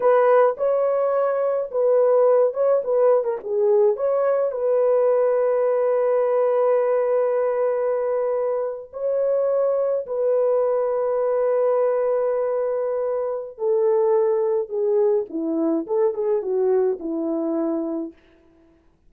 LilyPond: \new Staff \with { instrumentName = "horn" } { \time 4/4 \tempo 4 = 106 b'4 cis''2 b'4~ | b'8 cis''8 b'8. ais'16 gis'4 cis''4 | b'1~ | b'2.~ b'8. cis''16~ |
cis''4.~ cis''16 b'2~ b'16~ | b'1 | a'2 gis'4 e'4 | a'8 gis'8 fis'4 e'2 | }